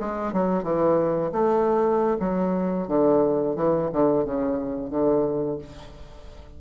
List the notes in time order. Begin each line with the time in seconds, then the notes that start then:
0.00 G#3
0.33 F#3
0.64 E3
1.32 A3
2.20 F#3
2.88 D3
3.56 E3
3.93 D3
4.25 C#3
4.91 D3